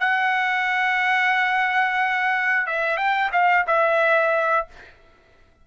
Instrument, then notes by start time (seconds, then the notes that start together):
trumpet
0.00 F#5
2.67 E5
2.97 G5
3.32 F5
3.67 E5